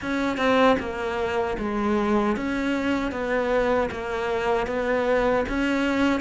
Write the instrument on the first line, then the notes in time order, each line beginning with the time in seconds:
cello
0.01 C#4
0.37 C4
0.79 A#3
1.58 G#3
2.36 C#4
3.11 B3
3.91 A#3
4.66 B3
5.49 C#4